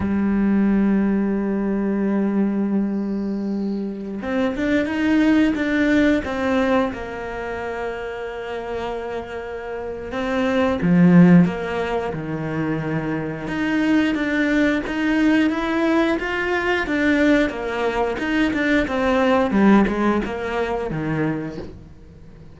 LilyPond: \new Staff \with { instrumentName = "cello" } { \time 4/4 \tempo 4 = 89 g1~ | g2~ g16 c'8 d'8 dis'8.~ | dis'16 d'4 c'4 ais4.~ ais16~ | ais2. c'4 |
f4 ais4 dis2 | dis'4 d'4 dis'4 e'4 | f'4 d'4 ais4 dis'8 d'8 | c'4 g8 gis8 ais4 dis4 | }